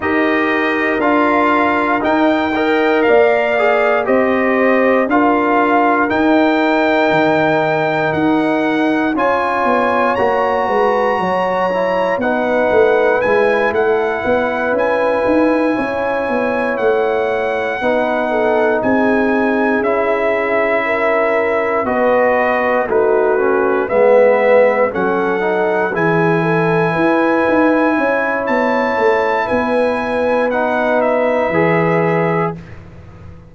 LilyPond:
<<
  \new Staff \with { instrumentName = "trumpet" } { \time 4/4 \tempo 4 = 59 dis''4 f''4 g''4 f''4 | dis''4 f''4 g''2 | fis''4 gis''4 ais''2 | fis''4 gis''8 fis''4 gis''4.~ |
gis''8 fis''2 gis''4 e''8~ | e''4. dis''4 b'4 e''8~ | e''8 fis''4 gis''2~ gis''8 | a''4 gis''4 fis''8 e''4. | }
  \new Staff \with { instrumentName = "horn" } { \time 4/4 ais'2~ ais'8 dis''8 d''4 | c''4 ais'2.~ | ais'4 cis''4. b'8 cis''4 | b'4. a'8 b'4. cis''8~ |
cis''4. b'8 a'8 gis'4.~ | gis'8 ais'4 b'4 fis'4 b'8~ | b'8 a'4 gis'8 a'8 b'4 cis''8~ | cis''4 b'2. | }
  \new Staff \with { instrumentName = "trombone" } { \time 4/4 g'4 f'4 dis'8 ais'4 gis'8 | g'4 f'4 dis'2~ | dis'4 f'4 fis'4. e'8 | dis'4 e'2.~ |
e'4. dis'2 e'8~ | e'4. fis'4 dis'8 cis'8 b8~ | b8 cis'8 dis'8 e'2~ e'8~ | e'2 dis'4 gis'4 | }
  \new Staff \with { instrumentName = "tuba" } { \time 4/4 dis'4 d'4 dis'4 ais4 | c'4 d'4 dis'4 dis4 | dis'4 cis'8 b8 ais8 gis8 fis4 | b8 a8 gis8 a8 b8 cis'8 dis'8 cis'8 |
b8 a4 b4 c'4 cis'8~ | cis'4. b4 a4 gis8~ | gis8 fis4 e4 e'8 dis'8 cis'8 | b8 a8 b2 e4 | }
>>